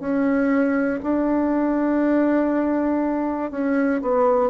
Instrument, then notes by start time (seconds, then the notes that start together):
bassoon
0.00 C#4
1.03 D4
3.51 C#4
4.01 B3